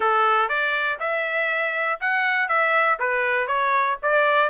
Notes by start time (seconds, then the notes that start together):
0.00 A4
0.49 D5
0.99 E5
2.00 F#5
2.48 E5
2.99 B4
3.47 C#5
4.02 D5